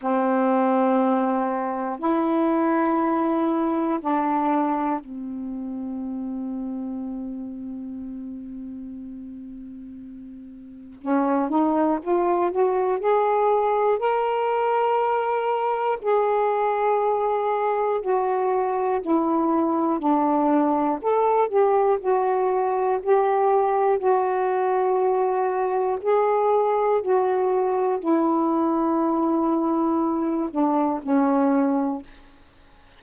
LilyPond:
\new Staff \with { instrumentName = "saxophone" } { \time 4/4 \tempo 4 = 60 c'2 e'2 | d'4 c'2.~ | c'2. cis'8 dis'8 | f'8 fis'8 gis'4 ais'2 |
gis'2 fis'4 e'4 | d'4 a'8 g'8 fis'4 g'4 | fis'2 gis'4 fis'4 | e'2~ e'8 d'8 cis'4 | }